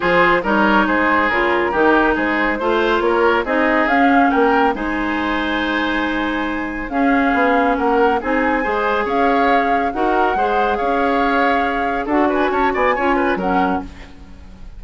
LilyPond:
<<
  \new Staff \with { instrumentName = "flute" } { \time 4/4 \tempo 4 = 139 c''4 cis''4 c''4 ais'4~ | ais'4 c''2 cis''4 | dis''4 f''4 g''4 gis''4~ | gis''1 |
f''2 fis''4 gis''4~ | gis''4 f''2 fis''4~ | fis''4 f''2. | fis''8 gis''8 a''8 gis''4. fis''4 | }
  \new Staff \with { instrumentName = "oboe" } { \time 4/4 gis'4 ais'4 gis'2 | g'4 gis'4 c''4 ais'4 | gis'2 ais'4 c''4~ | c''1 |
gis'2 ais'4 gis'4 | c''4 cis''2 ais'4 | c''4 cis''2. | a'8 b'8 cis''8 d''8 cis''8 b'8 ais'4 | }
  \new Staff \with { instrumentName = "clarinet" } { \time 4/4 f'4 dis'2 f'4 | dis'2 f'2 | dis'4 cis'2 dis'4~ | dis'1 |
cis'2. dis'4 | gis'2. fis'4 | gis'1 | fis'2 f'4 cis'4 | }
  \new Staff \with { instrumentName = "bassoon" } { \time 4/4 f4 g4 gis4 cis4 | dis4 gis4 a4 ais4 | c'4 cis'4 ais4 gis4~ | gis1 |
cis'4 b4 ais4 c'4 | gis4 cis'2 dis'4 | gis4 cis'2. | d'4 cis'8 b8 cis'4 fis4 | }
>>